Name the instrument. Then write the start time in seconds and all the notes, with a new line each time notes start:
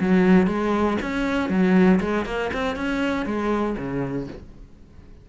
cello
0.00 F#3
0.47 G#3
1.02 C#4
1.50 F#3
2.01 G#3
2.26 A#3
2.54 C4
2.76 C#4
3.26 G#3
3.78 C#3